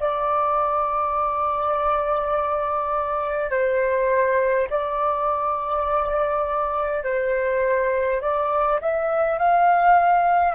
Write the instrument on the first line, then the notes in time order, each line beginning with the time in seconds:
flute
0.00 D5
3.50 C5
4.70 D5
7.04 C5
8.21 D5
8.81 E5
9.39 F5